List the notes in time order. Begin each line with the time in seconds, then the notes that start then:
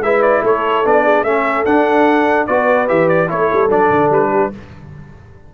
0.00 G#3 E4 B4 E5
0.22 D5
0.43 A3 A4 C#5
0.84 B3 D4 D5
1.04 G#4
1.23 A3 C#4 A4 E5
1.65 D4 F#5
2.46 B3 F#4 B4 D5
2.88 E3 G4 E5
3.08 D5
3.27 A3 E4 A4 C#5
3.53 G3
3.69 F#3 D4 D5
3.90 D3
4.10 G3 B4
4.30 G4